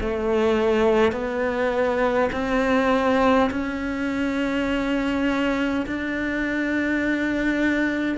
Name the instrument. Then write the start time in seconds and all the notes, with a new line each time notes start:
cello
0.00 A3
1.12 B3
2.32 C4
3.50 C#4
5.86 D4